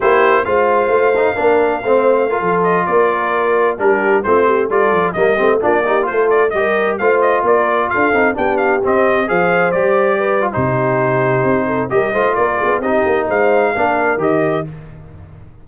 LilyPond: <<
  \new Staff \with { instrumentName = "trumpet" } { \time 4/4 \tempo 4 = 131 c''4 f''2.~ | f''4.~ f''16 dis''8 d''4.~ d''16~ | d''16 ais'4 c''4 d''4 dis''8.~ | dis''16 d''4 c''8 d''8 dis''4 f''8 dis''16~ |
dis''16 d''4 f''4 g''8 f''8 dis''8.~ | dis''16 f''4 d''4.~ d''16 c''4~ | c''2 dis''4 d''4 | dis''4 f''2 dis''4 | }
  \new Staff \with { instrumentName = "horn" } { \time 4/4 g'4 c''2 ais'4 | c''4 ais'16 a'4 ais'4.~ ais'16~ | ais'16 g'4 f'8 g'8 a'4 ais'8 g'16~ | g'16 f'8 g'8 a'4 ais'4 c''8.~ |
c''16 ais'4 a'4 g'4.~ g'16~ | g'16 c''2 b'8. g'4~ | g'4. a'8 ais'8 c''8 ais'8 gis'8 | g'4 c''4 ais'2 | }
  \new Staff \with { instrumentName = "trombone" } { \time 4/4 e'4 f'4. dis'8 d'4 | c'4 f'2.~ | f'16 d'4 c'4 f'4 ais8 c'16~ | c'16 d'8 dis'8 f'4 g'4 f'8.~ |
f'4.~ f'16 dis'8 d'4 c'8.~ | c'16 gis'4 g'4. f'16 dis'4~ | dis'2 g'8 f'4. | dis'2 d'4 g'4 | }
  \new Staff \with { instrumentName = "tuba" } { \time 4/4 ais4 gis4 a4 ais4 | a4~ a16 f4 ais4.~ ais16~ | ais16 g4 a4 g8 f8 g8 a16~ | a16 ais4 a4 g4 a8.~ |
a16 ais4 d'8 c'8 b4 c'8.~ | c'16 f4 g4.~ g16 c4~ | c4 c'4 g8 a8 ais8 b8 | c'8 ais8 gis4 ais4 dis4 | }
>>